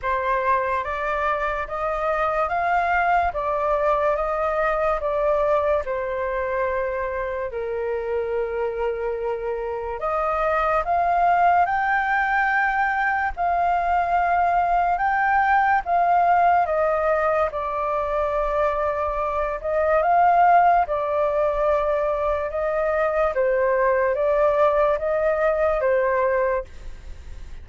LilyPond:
\new Staff \with { instrumentName = "flute" } { \time 4/4 \tempo 4 = 72 c''4 d''4 dis''4 f''4 | d''4 dis''4 d''4 c''4~ | c''4 ais'2. | dis''4 f''4 g''2 |
f''2 g''4 f''4 | dis''4 d''2~ d''8 dis''8 | f''4 d''2 dis''4 | c''4 d''4 dis''4 c''4 | }